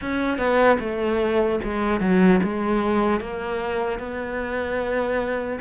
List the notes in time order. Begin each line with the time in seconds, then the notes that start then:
0.01 C#4
0.38 B3
0.79 A3
1.63 G#3
2.00 F#3
2.43 G#3
3.20 A#3
3.99 B3